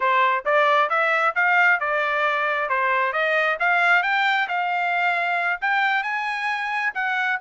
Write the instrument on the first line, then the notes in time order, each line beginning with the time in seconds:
trumpet
0.00 C5
0.45 D5
0.89 E5
1.35 F5
1.80 D5
2.69 C5
3.12 D#5
3.59 F5
4.02 G5
4.48 F5
5.61 G5
6.03 G#5
6.94 F#5